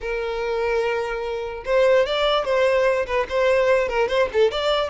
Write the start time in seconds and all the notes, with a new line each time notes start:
0.00 A#4
1.65 C5
2.06 D5
2.44 C5
3.06 B4
3.29 C5
3.88 A#4
4.08 C5
4.32 A4
4.51 D5